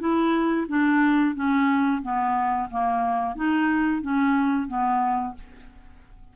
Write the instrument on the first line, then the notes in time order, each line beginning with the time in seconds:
clarinet
0.00 E4
0.68 D4
1.35 C#4
2.02 B3
2.71 A#3
3.35 D#4
4.02 C#4
4.68 B3